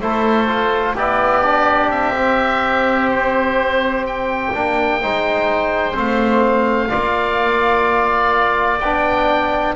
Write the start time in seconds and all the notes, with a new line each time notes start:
0.00 A3 E4 A4 C5
0.47 F4
0.94 B3 E4 G4 D5
1.43 D4
1.86 C4 E5
2.15 C4
3.11 C5
4.06 G5
4.53 A#3 D4
5.01 G#3 D#4 C5
5.93 A3 C4 F5
6.89 A#3 F4 D5
8.79 B3 D4 G5